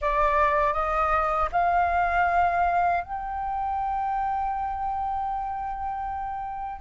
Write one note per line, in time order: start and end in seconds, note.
0.01 0.73 D5
0.73 1.49 D#5
1.52 3.03 F5
3.03 6.81 G5